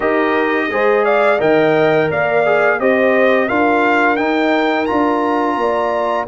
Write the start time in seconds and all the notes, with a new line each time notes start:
0.00 D#4 G4 A#4 D#5
0.69 G#3 G#4 C5
1.04 D5 F5
1.37 D#3 A#4 D#5 G5
2.09 A#3 D5 F5
2.45 G#4
2.79 C4 G4 C5 D#5
3.47 D4 F4 A#4 F5
4.16 D#4 G5
4.85 D4 F4 A#5
5.56 A#3 D5